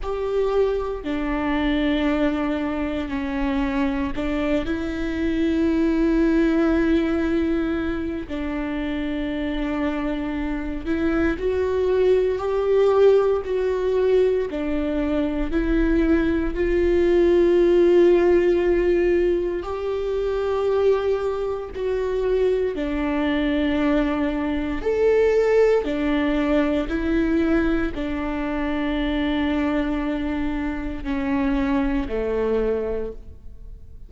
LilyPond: \new Staff \with { instrumentName = "viola" } { \time 4/4 \tempo 4 = 58 g'4 d'2 cis'4 | d'8 e'2.~ e'8 | d'2~ d'8 e'8 fis'4 | g'4 fis'4 d'4 e'4 |
f'2. g'4~ | g'4 fis'4 d'2 | a'4 d'4 e'4 d'4~ | d'2 cis'4 a4 | }